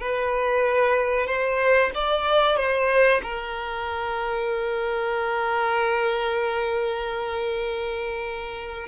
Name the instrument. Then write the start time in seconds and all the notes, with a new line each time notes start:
violin
0.00 B4
1.27 C5
1.95 D5
2.56 C5
3.23 A#4